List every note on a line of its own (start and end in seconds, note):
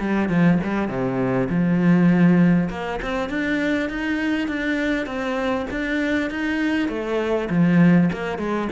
0.00 0.29 G3
0.29 0.59 F3
0.64 0.88 G3
0.88 1.48 C3
1.49 2.69 F3
2.70 3.00 A#3
3.02 3.29 C4
3.29 3.89 D4
3.89 4.48 D#4
4.48 5.06 D4
5.06 5.66 C4
5.71 6.30 D4
6.30 6.88 D#4
6.88 7.48 A3
7.50 8.10 F3
8.13 8.38 A#3
8.38 8.68 G#3